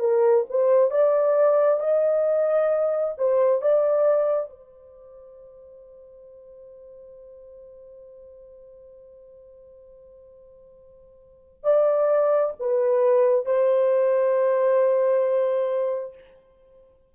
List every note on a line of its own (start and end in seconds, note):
0.00 0.45 A#4
0.50 0.91 C5
0.91 1.80 D5
1.80 3.15 D#5
3.18 3.62 C5
3.62 4.50 D5
4.50 11.64 C5
11.64 12.54 D5
12.60 13.46 B4
13.46 16.15 C5